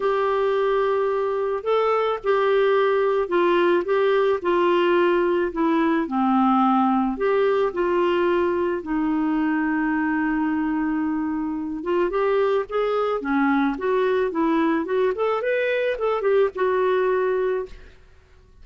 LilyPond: \new Staff \with { instrumentName = "clarinet" } { \time 4/4 \tempo 4 = 109 g'2. a'4 | g'2 f'4 g'4 | f'2 e'4 c'4~ | c'4 g'4 f'2 |
dis'1~ | dis'4. f'8 g'4 gis'4 | cis'4 fis'4 e'4 fis'8 a'8 | b'4 a'8 g'8 fis'2 | }